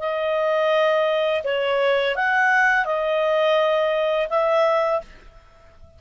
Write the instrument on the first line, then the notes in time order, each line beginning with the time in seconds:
clarinet
0.00 D#5
1.44 C#5
2.16 F#5
2.86 D#5
4.30 E5